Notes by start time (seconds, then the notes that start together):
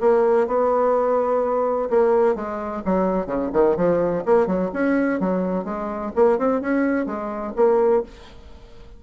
0.00 A#3
0.47 B3
1.89 A#3
2.35 G#3
2.85 F#3
3.26 C#3
3.53 D#3
3.76 F3
4.25 A#3
4.46 F#3
4.73 C#4
5.20 F#3
5.64 G#3
6.15 A#3
6.38 C4
6.61 C#4
7.06 G#3
7.56 A#3